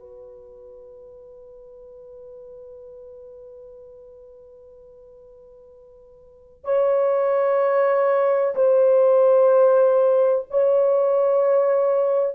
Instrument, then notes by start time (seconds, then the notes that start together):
horn
0.00 B4
6.65 C#5
8.55 C5
10.51 C#5